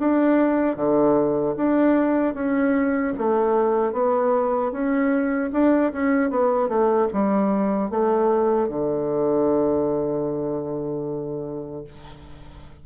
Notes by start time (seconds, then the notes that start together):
0.00 D4
0.77 D3
1.57 D4
2.35 C#4
3.18 A3
3.93 B3
4.72 C#4
5.53 D4
5.93 C#4
6.31 B3
6.69 A3
7.13 G3
7.91 A3
8.69 D3